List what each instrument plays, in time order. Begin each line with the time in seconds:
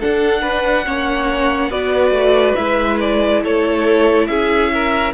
0.00 viola D4, cello D4, violin A4 F#5
0.42 violin B4
0.85 cello A#3, viola C#4, violin C#5
1.70 cello B3, viola F#4, violin B4 D5
2.11 cello A3
2.55 cello G#3, viola E4, violin E5
3.00 violin D5
3.43 cello A3, violin A4 C#5
4.27 cello C#4, violin G#4 E5
4.73 violin A#4